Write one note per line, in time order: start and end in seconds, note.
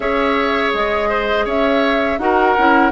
0.00 0.73 C#4
0.00 2.19 G#4
0.00 1.09 C#5
0.00 0.73 E5
0.73 1.46 G#3
0.73 1.47 D#5
1.09 1.45 C5
1.45 2.18 C#4
1.45 2.18 C#5
1.45 2.19 E5
2.18 2.55 D#4
2.18 2.56 F#4
2.18 2.91 A#4
2.18 2.91 F#5
2.57 2.91 C#4
2.57 2.91 E4